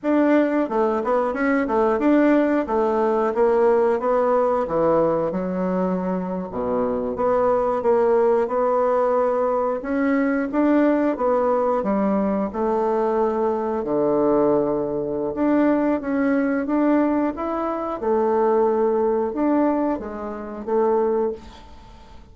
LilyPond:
\new Staff \with { instrumentName = "bassoon" } { \time 4/4 \tempo 4 = 90 d'4 a8 b8 cis'8 a8 d'4 | a4 ais4 b4 e4 | fis4.~ fis16 b,4 b4 ais16~ | ais8. b2 cis'4 d'16~ |
d'8. b4 g4 a4~ a16~ | a8. d2~ d16 d'4 | cis'4 d'4 e'4 a4~ | a4 d'4 gis4 a4 | }